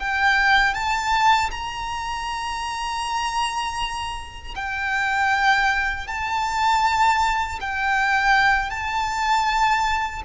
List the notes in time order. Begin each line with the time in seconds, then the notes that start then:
0.00 G5
0.75 A5
1.51 A#5
4.56 G5
6.08 A5
7.61 G5
8.71 A5